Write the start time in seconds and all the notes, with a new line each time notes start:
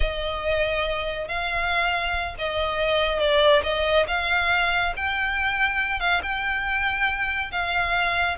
0.00 D#5
1.28 F5
2.38 D#5
3.19 D5
3.63 D#5
4.07 F5
4.96 G5
5.99 F5
6.22 G5
7.51 F5